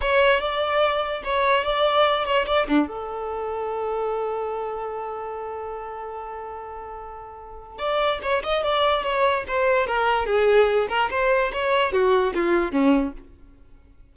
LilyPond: \new Staff \with { instrumentName = "violin" } { \time 4/4 \tempo 4 = 146 cis''4 d''2 cis''4 | d''4. cis''8 d''8 d'8 a'4~ | a'1~ | a'1~ |
a'2. d''4 | cis''8 dis''8 d''4 cis''4 c''4 | ais'4 gis'4. ais'8 c''4 | cis''4 fis'4 f'4 cis'4 | }